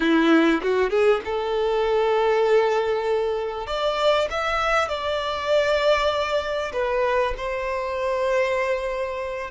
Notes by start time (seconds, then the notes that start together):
0.00 E4
0.62 F#4
0.90 G#4
1.24 A4
3.67 D5
4.30 E5
4.88 D5
6.72 B4
7.37 C5